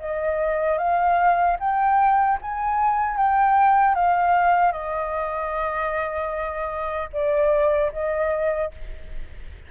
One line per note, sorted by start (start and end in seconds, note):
0.00 0.78 D#5
0.78 1.57 F5
1.60 2.39 G5
2.42 3.17 G#5
3.17 3.95 G5
3.95 4.72 F5
4.72 7.09 D#5
7.13 7.92 D5
7.92 8.71 D#5